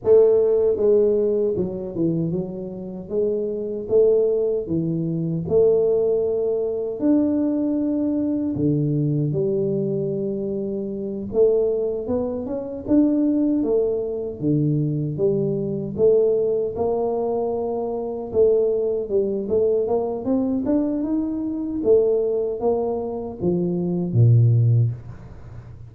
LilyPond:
\new Staff \with { instrumentName = "tuba" } { \time 4/4 \tempo 4 = 77 a4 gis4 fis8 e8 fis4 | gis4 a4 e4 a4~ | a4 d'2 d4 | g2~ g8 a4 b8 |
cis'8 d'4 a4 d4 g8~ | g8 a4 ais2 a8~ | a8 g8 a8 ais8 c'8 d'8 dis'4 | a4 ais4 f4 ais,4 | }